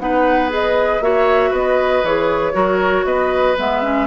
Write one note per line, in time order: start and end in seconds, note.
0.00 1.01 B3
0.00 0.50 D#4
0.00 1.04 B4
0.00 0.51 F#5
0.50 1.01 G#4
0.50 1.03 D#5
1.01 1.52 A#3
1.01 2.04 F#4
1.01 1.51 C#5
1.01 1.54 E5
1.51 2.03 B3
1.51 2.52 B4
1.51 2.06 D#5
2.04 2.54 E3
2.04 2.53 G#4
2.04 3.06 C#5
2.53 3.05 F#3
2.53 3.55 F#4
2.53 3.06 A#4
3.05 3.56 B3
3.05 4.08 B4
3.05 3.57 D#5
3.58 4.08 G#3
3.58 3.83 B3
3.58 4.08 E5
3.83 4.08 C#4